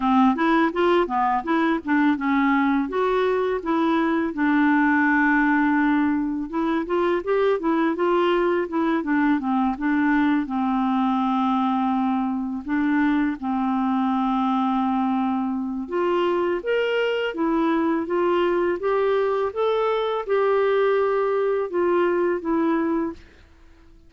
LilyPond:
\new Staff \with { instrumentName = "clarinet" } { \time 4/4 \tempo 4 = 83 c'8 e'8 f'8 b8 e'8 d'8 cis'4 | fis'4 e'4 d'2~ | d'4 e'8 f'8 g'8 e'8 f'4 | e'8 d'8 c'8 d'4 c'4.~ |
c'4. d'4 c'4.~ | c'2 f'4 ais'4 | e'4 f'4 g'4 a'4 | g'2 f'4 e'4 | }